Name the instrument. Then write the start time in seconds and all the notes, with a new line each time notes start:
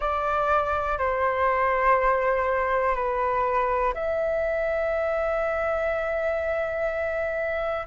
flute
0.00 D5
0.98 C5
2.95 B4
3.93 E5